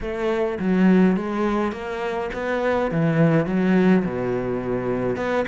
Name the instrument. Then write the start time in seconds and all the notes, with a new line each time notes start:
cello
0.01 A3
0.59 F#3
1.16 G#3
1.72 A#3
2.33 B3
2.91 E3
3.46 F#3
4.05 B2
5.16 B3